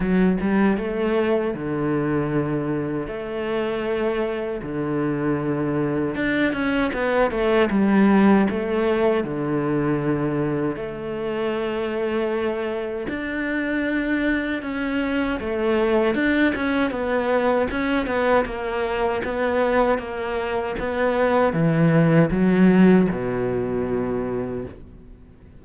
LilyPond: \new Staff \with { instrumentName = "cello" } { \time 4/4 \tempo 4 = 78 fis8 g8 a4 d2 | a2 d2 | d'8 cis'8 b8 a8 g4 a4 | d2 a2~ |
a4 d'2 cis'4 | a4 d'8 cis'8 b4 cis'8 b8 | ais4 b4 ais4 b4 | e4 fis4 b,2 | }